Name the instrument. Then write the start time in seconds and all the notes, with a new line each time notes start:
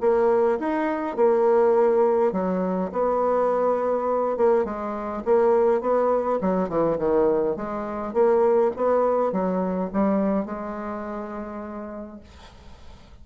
bassoon
0.00 A#3
0.59 D#4
1.16 A#3
2.32 F#3
2.92 B3
4.37 A#3
4.64 G#3
5.25 A#3
5.81 B3
6.41 F#3
6.68 E3
6.98 D#3
7.56 G#3
8.13 A#3
8.76 B3
9.32 F#3
9.93 G3
10.45 G#3